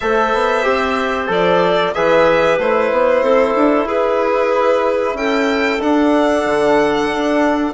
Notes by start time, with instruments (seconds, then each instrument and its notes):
0.00 bassoon A3, trombone A4, clarinet C5, violin E5
0.33 bassoon B3
0.62 bassoon C4, trombone G4
1.27 bassoon F3, trombone A4, violin D5
1.94 bassoon E3, trombone G#4, clarinet B4, violin E5
2.58 bassoon A3, trombone E4, violin C5
2.91 bassoon B3
3.22 bassoon C4, clarinet A4
3.55 bassoon D4
3.85 bassoon E4, clarinet G#4, violin B4
5.14 bassoon C#4, clarinet A4, violin G5
5.79 trombone D4, bassoon D4, violin F#5
6.45 bassoon D3
7.12 bassoon D4